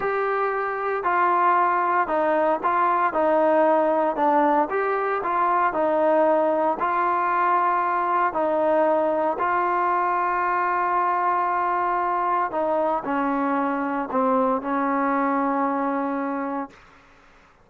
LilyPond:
\new Staff \with { instrumentName = "trombone" } { \time 4/4 \tempo 4 = 115 g'2 f'2 | dis'4 f'4 dis'2 | d'4 g'4 f'4 dis'4~ | dis'4 f'2. |
dis'2 f'2~ | f'1 | dis'4 cis'2 c'4 | cis'1 | }